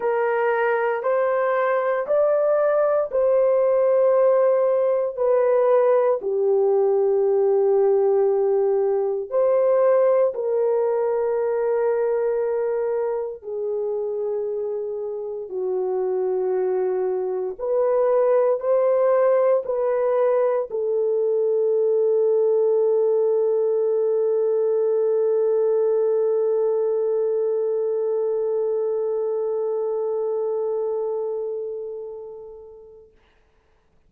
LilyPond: \new Staff \with { instrumentName = "horn" } { \time 4/4 \tempo 4 = 58 ais'4 c''4 d''4 c''4~ | c''4 b'4 g'2~ | g'4 c''4 ais'2~ | ais'4 gis'2 fis'4~ |
fis'4 b'4 c''4 b'4 | a'1~ | a'1~ | a'1 | }